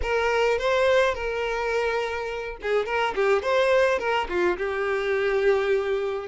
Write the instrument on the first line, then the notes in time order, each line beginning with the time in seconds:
violin
0.02 A#4
0.58 C5
1.14 A#4
2.61 G#4
2.85 A#4
3.15 G4
3.42 C5
3.98 A#4
4.28 F4
4.57 G4